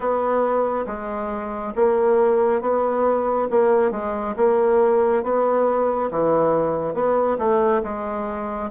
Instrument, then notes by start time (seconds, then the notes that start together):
bassoon
0.00 B3
0.86 G#3
1.75 A#3
2.61 B3
3.50 A#3
3.91 G#3
4.36 A#3
5.23 B3
6.10 E3
6.94 B3
7.38 A3
7.83 G#3